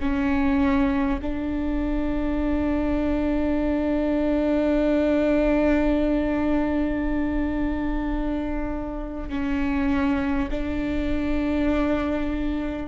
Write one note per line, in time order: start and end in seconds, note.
0.00 1.20 C#4
1.22 9.29 D4
9.29 10.49 C#4
10.51 12.88 D4